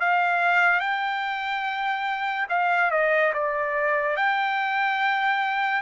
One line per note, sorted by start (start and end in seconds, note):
0.00 0.80 F5
0.80 2.47 G5
2.49 2.91 F5
2.91 3.32 D#5
3.34 4.16 D5
4.16 5.81 G5